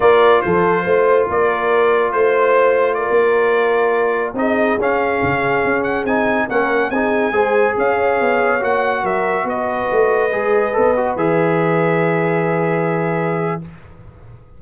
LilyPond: <<
  \new Staff \with { instrumentName = "trumpet" } { \time 4/4 \tempo 4 = 141 d''4 c''2 d''4~ | d''4 c''2 d''4~ | d''2~ d''16 dis''4 f''8.~ | f''4.~ f''16 fis''8 gis''4 fis''8.~ |
fis''16 gis''2 f''4.~ f''16~ | f''16 fis''4 e''4 dis''4.~ dis''16~ | dis''2~ dis''16 e''4.~ e''16~ | e''1 | }
  \new Staff \with { instrumentName = "horn" } { \time 4/4 ais'4 a'4 c''4 ais'4~ | ais'4 c''2 ais'4~ | ais'2~ ais'16 gis'4.~ gis'16~ | gis'2.~ gis'16 ais'8.~ |
ais'16 gis'4 c''4 cis''4.~ cis''16~ | cis''4~ cis''16 ais'4 b'4.~ b'16~ | b'1~ | b'1 | }
  \new Staff \with { instrumentName = "trombone" } { \time 4/4 f'1~ | f'1~ | f'2~ f'16 dis'4 cis'8.~ | cis'2~ cis'16 dis'4 cis'8.~ |
cis'16 dis'4 gis'2~ gis'8.~ | gis'16 fis'2.~ fis'8.~ | fis'16 gis'4 a'8 fis'8 gis'4.~ gis'16~ | gis'1 | }
  \new Staff \with { instrumentName = "tuba" } { \time 4/4 ais4 f4 a4 ais4~ | ais4 a2~ a16 ais8.~ | ais2~ ais16 c'4 cis'8.~ | cis'16 cis4 cis'4 c'4 ais8.~ |
ais16 c'4 gis4 cis'4 b8.~ | b16 ais4 fis4 b4 a8.~ | a16 gis4 b4 e4.~ e16~ | e1 | }
>>